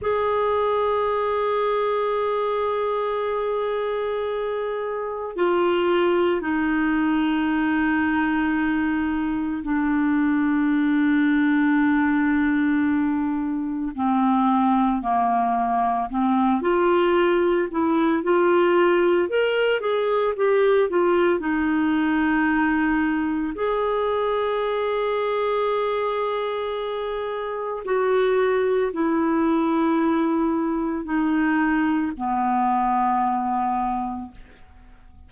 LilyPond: \new Staff \with { instrumentName = "clarinet" } { \time 4/4 \tempo 4 = 56 gis'1~ | gis'4 f'4 dis'2~ | dis'4 d'2.~ | d'4 c'4 ais4 c'8 f'8~ |
f'8 e'8 f'4 ais'8 gis'8 g'8 f'8 | dis'2 gis'2~ | gis'2 fis'4 e'4~ | e'4 dis'4 b2 | }